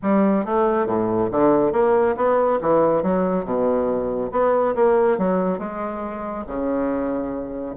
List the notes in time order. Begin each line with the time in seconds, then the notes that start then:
0.02 G3
0.45 A3
0.86 A2
1.31 D3
1.72 A#3
2.16 B3
2.61 E3
3.02 F#3
3.44 B2
4.31 B3
4.75 A#3
5.18 F#3
5.58 G#3
6.46 C#3